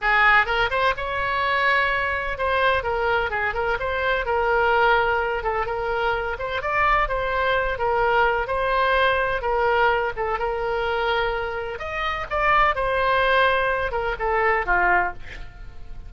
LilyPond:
\new Staff \with { instrumentName = "oboe" } { \time 4/4 \tempo 4 = 127 gis'4 ais'8 c''8 cis''2~ | cis''4 c''4 ais'4 gis'8 ais'8 | c''4 ais'2~ ais'8 a'8 | ais'4. c''8 d''4 c''4~ |
c''8 ais'4. c''2 | ais'4. a'8 ais'2~ | ais'4 dis''4 d''4 c''4~ | c''4. ais'8 a'4 f'4 | }